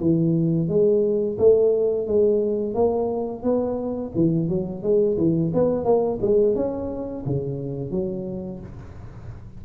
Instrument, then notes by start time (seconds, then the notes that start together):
tuba
0.00 E3
0.68 G#3
1.38 A3
2.07 G#3
2.74 A#3
3.43 B3
4.15 E3
4.48 F#3
4.82 G#3
5.17 E3
5.53 B3
5.84 A#3
6.21 G#3
6.55 C#4
7.26 C#3
7.91 F#3